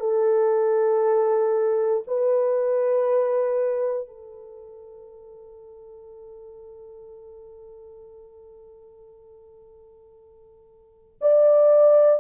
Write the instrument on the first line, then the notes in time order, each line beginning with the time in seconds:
horn
0.00 A4
2.08 B4
4.08 A4
11.21 D5